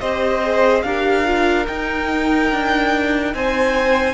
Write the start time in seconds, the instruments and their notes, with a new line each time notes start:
0.00 cello C4, viola G4, violin C5 D#5
0.42 viola G#4
0.82 cello D4, viola G4, violin A#4 F5
1.25 viola F4
1.67 viola D#4, cello D#4, violin G5
2.51 cello D4
3.34 cello C4, violin C5 G#5